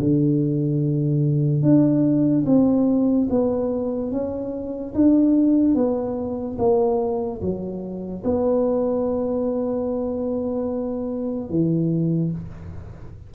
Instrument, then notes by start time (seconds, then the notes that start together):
tuba
0.00 D3
1.63 D4
2.46 C4
3.31 B3
4.12 C#4
4.95 D4
5.75 B3
6.59 A#3
7.42 F#3
8.25 B3
11.50 E3